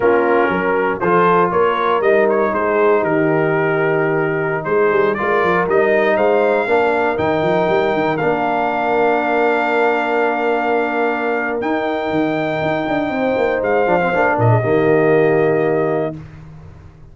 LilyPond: <<
  \new Staff \with { instrumentName = "trumpet" } { \time 4/4 \tempo 4 = 119 ais'2 c''4 cis''4 | dis''8 cis''8 c''4 ais'2~ | ais'4~ ais'16 c''4 d''4 dis''8.~ | dis''16 f''2 g''4.~ g''16~ |
g''16 f''2.~ f''8.~ | f''2. g''4~ | g''2. f''4~ | f''8 dis''2.~ dis''8 | }
  \new Staff \with { instrumentName = "horn" } { \time 4/4 f'4 ais'4 a'4 ais'4~ | ais'4 gis'4 g'2~ | g'4~ g'16 gis'4 ais'4.~ ais'16~ | ais'16 c''4 ais'2~ ais'8.~ |
ais'1~ | ais'1~ | ais'2 c''2~ | c''8 ais'16 gis'16 g'2. | }
  \new Staff \with { instrumentName = "trombone" } { \time 4/4 cis'2 f'2 | dis'1~ | dis'2~ dis'16 f'4 dis'8.~ | dis'4~ dis'16 d'4 dis'4.~ dis'16~ |
dis'16 d'2.~ d'8.~ | d'2. dis'4~ | dis'2.~ dis'8 d'16 c'16 | d'4 ais2. | }
  \new Staff \with { instrumentName = "tuba" } { \time 4/4 ais4 fis4 f4 ais4 | g4 gis4 dis2~ | dis4~ dis16 gis8 g8 gis8 f8 g8.~ | g16 gis4 ais4 dis8 f8 g8 dis16~ |
dis16 ais2.~ ais8.~ | ais2. dis'4 | dis4 dis'8 d'8 c'8 ais8 gis8 f8 | ais8 ais,8 dis2. | }
>>